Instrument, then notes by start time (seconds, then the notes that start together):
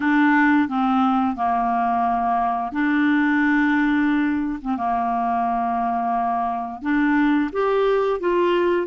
clarinet
0.00 D4
0.68 C4
1.36 A#3
2.72 D4
4.61 C4
4.77 A#3
6.82 D4
7.52 G4
8.19 F4